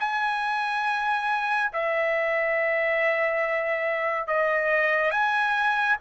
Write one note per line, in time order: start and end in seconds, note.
0.00 1.71 G#5
1.73 4.28 E5
4.28 5.11 D#5
5.11 5.97 G#5